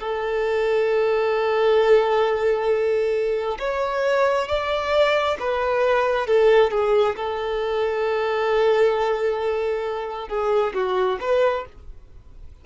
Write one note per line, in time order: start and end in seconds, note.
0.00 3.58 A4
3.59 4.48 C#5
4.48 5.38 D5
5.39 6.27 B4
6.27 6.71 A4
6.71 7.16 G#4
7.16 10.29 A4
10.29 10.73 G#4
10.74 11.19 F#4
11.21 11.65 B4